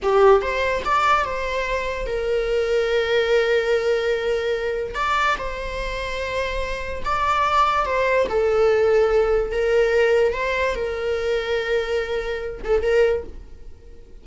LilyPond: \new Staff \with { instrumentName = "viola" } { \time 4/4 \tempo 4 = 145 g'4 c''4 d''4 c''4~ | c''4 ais'2.~ | ais'1 | d''4 c''2.~ |
c''4 d''2 c''4 | a'2. ais'4~ | ais'4 c''4 ais'2~ | ais'2~ ais'8 a'8 ais'4 | }